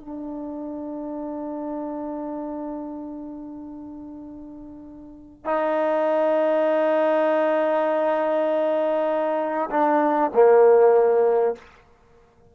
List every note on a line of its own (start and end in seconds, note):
0.00 5.45 D4
5.45 9.70 D#4
9.70 10.31 D4
10.34 11.55 A#3